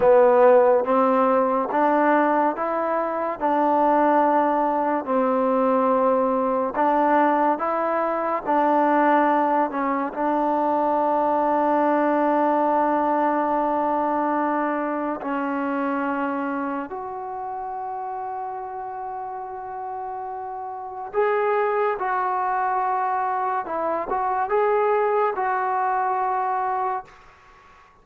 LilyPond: \new Staff \with { instrumentName = "trombone" } { \time 4/4 \tempo 4 = 71 b4 c'4 d'4 e'4 | d'2 c'2 | d'4 e'4 d'4. cis'8 | d'1~ |
d'2 cis'2 | fis'1~ | fis'4 gis'4 fis'2 | e'8 fis'8 gis'4 fis'2 | }